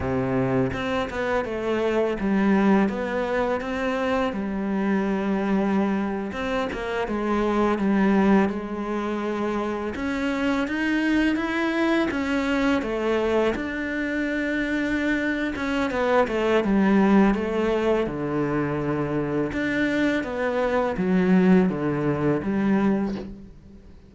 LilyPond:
\new Staff \with { instrumentName = "cello" } { \time 4/4 \tempo 4 = 83 c4 c'8 b8 a4 g4 | b4 c'4 g2~ | g8. c'8 ais8 gis4 g4 gis16~ | gis4.~ gis16 cis'4 dis'4 e'16~ |
e'8. cis'4 a4 d'4~ d'16~ | d'4. cis'8 b8 a8 g4 | a4 d2 d'4 | b4 fis4 d4 g4 | }